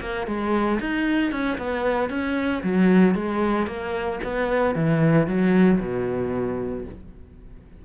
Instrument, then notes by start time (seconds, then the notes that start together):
cello
0.00 A#3
0.26 G#3
0.80 D#4
1.31 C#4
1.58 B3
2.09 C#4
2.63 F#3
3.14 G#3
3.67 A#3
4.23 B3
4.75 E3
5.27 F#3
5.79 B2